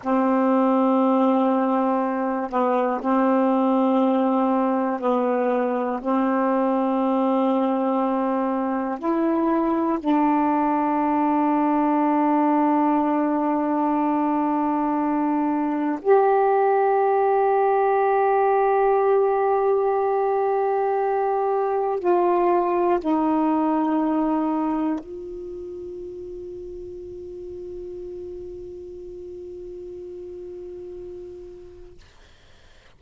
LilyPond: \new Staff \with { instrumentName = "saxophone" } { \time 4/4 \tempo 4 = 60 c'2~ c'8 b8 c'4~ | c'4 b4 c'2~ | c'4 e'4 d'2~ | d'1 |
g'1~ | g'2 f'4 dis'4~ | dis'4 f'2.~ | f'1 | }